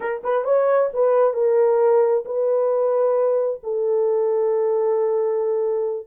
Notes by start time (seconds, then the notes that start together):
0.00 A#4
0.23 B4
0.44 C#5
0.93 B4
1.33 A#4
2.25 B4
3.63 A4